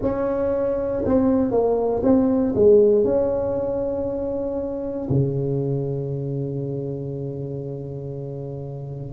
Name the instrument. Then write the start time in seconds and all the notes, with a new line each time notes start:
tuba
0.01 C#4
1.04 C4
1.51 A#3
2.03 C4
2.55 G#3
3.04 C#4
5.09 C#3